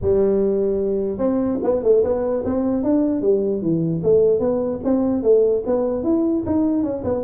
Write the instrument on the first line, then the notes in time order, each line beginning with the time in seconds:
tuba
0.01 G3
1.18 C4
1.63 B3
1.83 A3
2.03 B3
2.44 C4
2.83 D4
3.21 G3
3.61 E3
4.03 A3
4.39 B3
4.84 C4
5.22 A3
5.66 B3
6.03 E4
6.46 D#4
6.83 C#4
7.04 B3